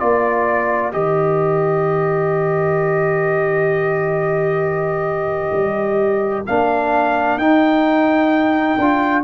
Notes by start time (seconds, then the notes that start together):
0.00 A#3 F4 A#4 D5
0.92 D#3 G4 D#5
5.53 G3
6.47 A#3 D4 F5
7.38 D#4 G5
8.78 D4 F4